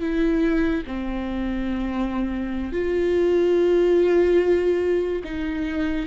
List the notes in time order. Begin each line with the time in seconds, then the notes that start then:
0.00 E4
0.87 C4
2.73 F4
5.24 D#4